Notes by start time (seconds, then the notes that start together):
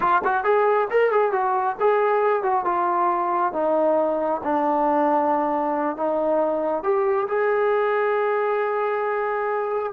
0.00 F4
0.24 F#4
0.44 G#4
0.90 A#4
1.11 G#4
1.31 F#4
1.80 G#4
2.42 F#4
2.65 F4
3.53 D#4
4.43 D4
5.96 D#4
6.83 G4
7.28 G#4